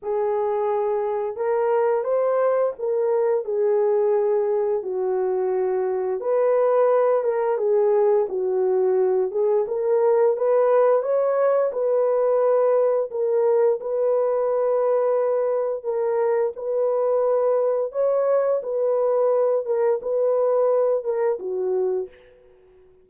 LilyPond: \new Staff \with { instrumentName = "horn" } { \time 4/4 \tempo 4 = 87 gis'2 ais'4 c''4 | ais'4 gis'2 fis'4~ | fis'4 b'4. ais'8 gis'4 | fis'4. gis'8 ais'4 b'4 |
cis''4 b'2 ais'4 | b'2. ais'4 | b'2 cis''4 b'4~ | b'8 ais'8 b'4. ais'8 fis'4 | }